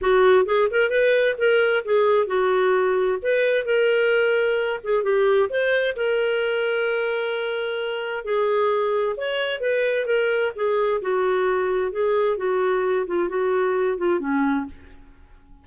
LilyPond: \new Staff \with { instrumentName = "clarinet" } { \time 4/4 \tempo 4 = 131 fis'4 gis'8 ais'8 b'4 ais'4 | gis'4 fis'2 b'4 | ais'2~ ais'8 gis'8 g'4 | c''4 ais'2.~ |
ais'2 gis'2 | cis''4 b'4 ais'4 gis'4 | fis'2 gis'4 fis'4~ | fis'8 f'8 fis'4. f'8 cis'4 | }